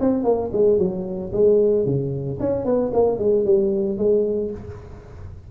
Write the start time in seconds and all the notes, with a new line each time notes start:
0.00 C4
0.24 A#3
0.52 G#3
0.78 F#3
1.32 G#3
1.85 C#3
2.39 C#4
2.65 B3
2.93 A#3
3.18 G#3
3.45 G3
3.98 G#3